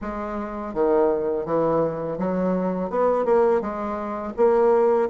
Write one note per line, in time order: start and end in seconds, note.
0.01 0.74 G#3
0.74 1.45 D#3
1.45 2.18 E3
2.18 2.89 F#3
2.89 3.25 B3
3.25 3.61 A#3
3.61 4.33 G#3
4.37 5.09 A#3